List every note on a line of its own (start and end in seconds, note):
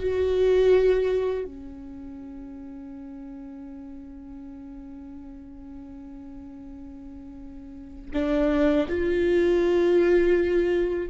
0.00 1.45 F#4
1.45 8.12 C#4
8.13 8.88 D4
8.89 11.10 F4